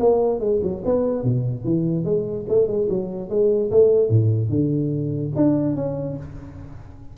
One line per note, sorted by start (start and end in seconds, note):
0.00 0.40 A#3
0.40 0.60 G#3
0.63 0.83 F#3
0.85 1.23 B3
1.23 1.64 B2
1.64 2.05 E3
2.05 2.46 G#3
2.49 2.67 A3
2.67 2.88 G#3
2.90 3.29 F#3
3.29 3.70 G#3
3.71 4.09 A3
4.09 4.49 A2
4.49 5.32 D3
5.36 5.76 D4
5.76 6.17 C#4